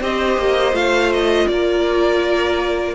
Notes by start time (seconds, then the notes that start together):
0.00 C4 G4 C5 D#5
0.37 A#3
0.73 A3 F4 F5
1.12 D#5
1.47 A#3 A#4 D5